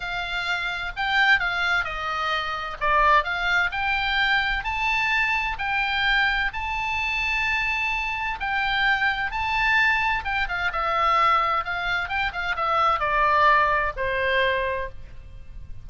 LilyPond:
\new Staff \with { instrumentName = "oboe" } { \time 4/4 \tempo 4 = 129 f''2 g''4 f''4 | dis''2 d''4 f''4 | g''2 a''2 | g''2 a''2~ |
a''2 g''2 | a''2 g''8 f''8 e''4~ | e''4 f''4 g''8 f''8 e''4 | d''2 c''2 | }